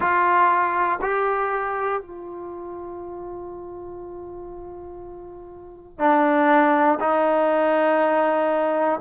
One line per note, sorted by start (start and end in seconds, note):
0.00 0.99 F4
1.01 2.01 G4
2.01 5.98 F4
5.98 6.98 D4
7.00 9.00 D#4